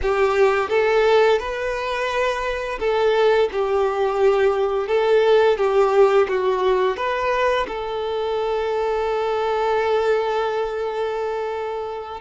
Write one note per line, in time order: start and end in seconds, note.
0.02 0.69 G4
0.69 1.39 A4
1.39 2.78 B4
2.79 3.49 A4
3.51 4.87 G4
4.87 5.57 A4
5.57 6.27 G4
6.28 6.96 F#4
6.96 7.66 B4
7.67 12.21 A4